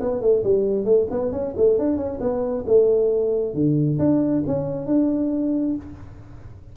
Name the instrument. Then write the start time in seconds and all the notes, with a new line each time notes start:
tuba
0.00 B3
0.21 A3
0.43 G3
0.84 A3
1.10 B3
1.32 C#4
1.56 A3
1.78 D4
1.97 C#4
2.20 B3
2.66 A3
3.54 D3
3.99 D4
4.46 C#4
4.86 D4